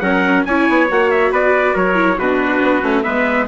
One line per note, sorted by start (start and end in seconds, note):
0.00 0.44 F#3
0.00 0.46 C#4
0.00 0.46 A#4
0.00 0.43 F#5
0.45 0.68 C#4
0.45 0.88 E4
0.45 1.32 C#5
0.45 0.88 G#5
0.69 0.91 B3
0.88 1.31 A#3
0.88 1.95 F#4
0.88 1.11 F#5
1.11 1.32 E5
1.31 1.74 B3
1.31 1.74 B4
1.31 1.77 D5
1.74 2.18 F#3
1.74 2.17 A#4
1.74 2.19 C#5
1.95 2.17 E4
2.18 2.61 B2
2.18 2.82 D4
2.18 3.04 F#4
2.18 3.03 B4
2.62 2.83 B3
2.82 3.04 A3
2.82 3.03 C#4
3.03 3.47 G#3
3.03 3.46 B3
3.03 3.47 B4
3.03 3.46 E5